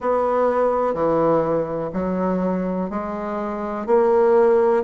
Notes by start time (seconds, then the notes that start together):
0.00 B3
0.94 E3
1.93 F#3
2.90 G#3
3.86 A#3